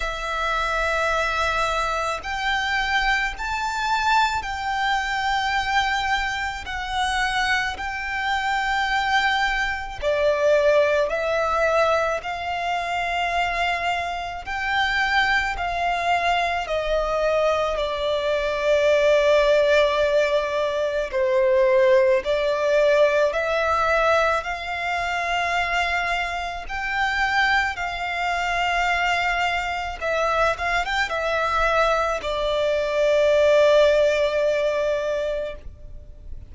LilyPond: \new Staff \with { instrumentName = "violin" } { \time 4/4 \tempo 4 = 54 e''2 g''4 a''4 | g''2 fis''4 g''4~ | g''4 d''4 e''4 f''4~ | f''4 g''4 f''4 dis''4 |
d''2. c''4 | d''4 e''4 f''2 | g''4 f''2 e''8 f''16 g''16 | e''4 d''2. | }